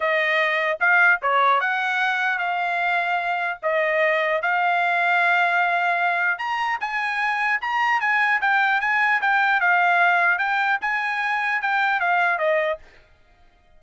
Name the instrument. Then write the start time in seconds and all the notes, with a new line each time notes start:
trumpet
0.00 D#5
0.80 F5
1.22 C#5
1.60 F#5
2.38 F5
3.62 D#5
4.41 F5
6.38 A#5
6.80 G#5
7.61 A#5
8.00 G#5
8.41 G5
8.80 G#5
9.21 G5
9.60 F5
10.38 G5
10.81 G#5
11.61 G5
11.99 F5
12.38 D#5